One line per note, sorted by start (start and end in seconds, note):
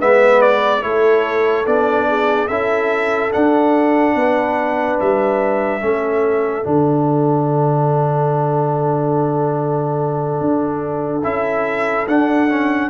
0.00 0.84 G#3
0.00 0.82 B3
0.00 0.83 B4
0.00 0.42 E5
0.42 0.82 D5
0.82 1.66 A3
0.82 1.65 E4
0.82 2.09 A4
0.82 1.66 C#5
1.66 2.50 B3
1.66 2.49 D4
1.66 2.48 D5
2.09 2.49 G#4
2.48 3.33 C#4
2.48 3.32 E4
2.48 4.15 A4
2.48 3.31 E5
3.32 5.81 D4
3.32 4.15 D4
3.32 5.00 F#5
4.15 4.99 B3
4.15 5.83 B4
5.00 5.82 G3
5.00 6.66 E5
5.81 6.65 A3
5.81 6.64 C#4
5.81 12.90 A4
6.64 10.41 D3
6.64 11.22 D4
6.64 11.24 F#5
10.41 11.24 D4
11.24 12.07 C#4
11.24 12.07 E4
11.24 12.07 E5
12.07 12.90 D4
12.07 12.49 D4
12.07 12.90 F#5
12.49 12.90 C#4